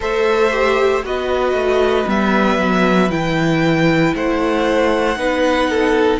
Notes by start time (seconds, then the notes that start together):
0.00 A3 A4 C5 E5
0.51 G4
1.03 B3 F#4 B4 D#5
1.53 A3
2.06 G3 B3 E5
2.58 F#3
3.09 E3 E4 G5
4.14 A3 C5 F#5
5.16 B3 D#4 B4
5.70 A4